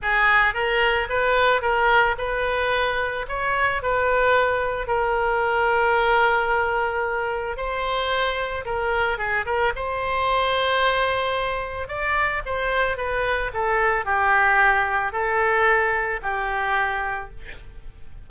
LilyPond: \new Staff \with { instrumentName = "oboe" } { \time 4/4 \tempo 4 = 111 gis'4 ais'4 b'4 ais'4 | b'2 cis''4 b'4~ | b'4 ais'2.~ | ais'2 c''2 |
ais'4 gis'8 ais'8 c''2~ | c''2 d''4 c''4 | b'4 a'4 g'2 | a'2 g'2 | }